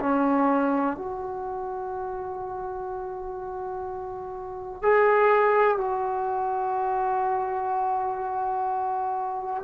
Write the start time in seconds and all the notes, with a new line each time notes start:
0.00 C#4
0.97 F#4
4.83 G#4
5.78 F#4